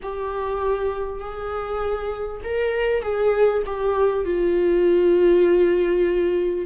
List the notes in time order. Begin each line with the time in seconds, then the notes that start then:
0.02 G4
1.20 G#4
2.44 A#4
3.02 G#4
3.66 G4
4.24 F4